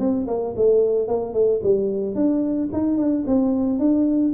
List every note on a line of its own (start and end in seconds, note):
0.00 0.27 C4
0.28 0.55 A#3
0.57 1.09 A3
1.09 1.34 A#3
1.34 1.61 A3
1.63 2.15 G3
2.15 2.69 D4
2.73 2.98 D#4
2.98 3.25 D4
3.27 3.80 C4
3.80 4.34 D4